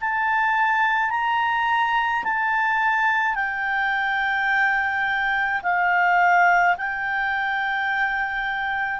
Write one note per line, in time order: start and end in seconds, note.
0.00 1.10 A5
1.10 2.23 A#5
2.23 3.34 A5
3.34 5.61 G5
5.62 6.76 F5
6.77 9.00 G5